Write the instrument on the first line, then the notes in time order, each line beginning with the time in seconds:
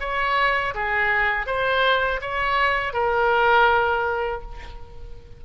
oboe
0.00 C#5
0.74 G#4
1.46 C5
2.21 C#5
2.93 A#4